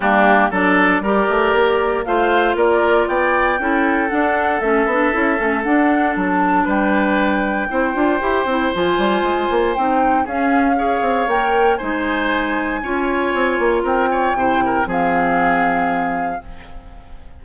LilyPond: <<
  \new Staff \with { instrumentName = "flute" } { \time 4/4 \tempo 4 = 117 g'4 d''2. | f''4 d''4 g''2 | fis''4 e''2 fis''4 | a''4 g''2.~ |
g''4 gis''2 g''4 | f''2 g''4 gis''4~ | gis''2. g''4~ | g''4 f''2. | }
  \new Staff \with { instrumentName = "oboe" } { \time 4/4 d'4 a'4 ais'2 | c''4 ais'4 d''4 a'4~ | a'1~ | a'4 b'2 c''4~ |
c''1 | gis'4 cis''2 c''4~ | c''4 cis''2 ais'8 cis''8 | c''8 ais'8 gis'2. | }
  \new Staff \with { instrumentName = "clarinet" } { \time 4/4 ais4 d'4 g'2 | f'2. e'4 | d'4 cis'8 d'8 e'8 cis'8 d'4~ | d'2. e'8 f'8 |
g'8 e'8 f'2 dis'4 | cis'4 gis'4 ais'4 dis'4~ | dis'4 f'2. | e'4 c'2. | }
  \new Staff \with { instrumentName = "bassoon" } { \time 4/4 g4 fis4 g8 a8 ais4 | a4 ais4 b4 cis'4 | d'4 a8 b8 cis'8 a8 d'4 | fis4 g2 c'8 d'8 |
e'8 c'8 f8 g8 gis8 ais8 c'4 | cis'4. c'8 ais4 gis4~ | gis4 cis'4 c'8 ais8 c'4 | c4 f2. | }
>>